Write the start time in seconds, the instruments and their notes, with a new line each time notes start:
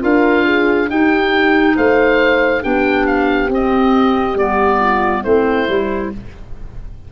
0.00 tuba D4, clarinet F4, horn A#4, oboe F5
0.45 horn G#4
0.88 clarinet D#4, tuba D#4, horn G4, oboe G5
1.76 tuba A3, horn C5, oboe F5
2.62 tuba B3, clarinet D4, horn G4, oboe G5
3.07 oboe F5
3.49 tuba C4, clarinet C4, oboe D#5
4.35 tuba G3, clarinet B3, oboe D5
4.80 horn F4
5.22 tuba A3, clarinet C4, horn E4, oboe C5
5.69 tuba G3, clarinet E4